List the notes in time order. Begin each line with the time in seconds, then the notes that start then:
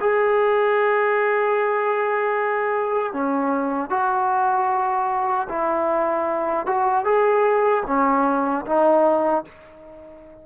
0.00 G#4
3.13 C#4
3.90 F#4
5.49 E4
6.66 F#4
7.04 G#4
7.86 C#4
8.66 D#4